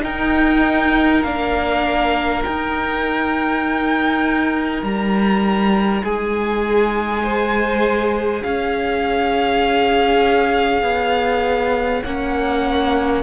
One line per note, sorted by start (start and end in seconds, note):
0.00 1.20 D#4
0.00 1.24 D#4
0.00 6.03 A#4
0.00 1.23 G5
1.23 2.44 A#3
1.23 2.45 D4
1.23 2.43 F5
2.44 7.24 D#4
2.44 4.82 D#4
2.44 4.83 G5
4.82 6.02 G3
4.82 6.04 A#5
6.03 8.43 G#3
6.03 7.23 G#4
6.03 8.43 G#5
7.24 12.04 G#4
7.24 8.43 C5
8.43 10.82 C#4
8.43 13.23 C#5
8.43 12.03 F5
10.82 12.02 B3
12.04 13.23 A#3
12.04 13.23 C#4
12.04 13.23 F#5